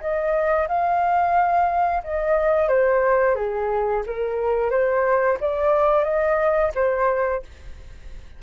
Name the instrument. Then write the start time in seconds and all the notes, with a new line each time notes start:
flute
0.00 D#5
0.68 F5
2.03 D#5
2.68 C5
3.35 G#4
4.06 A#4
4.70 C5
5.41 D5
6.04 D#5
6.75 C5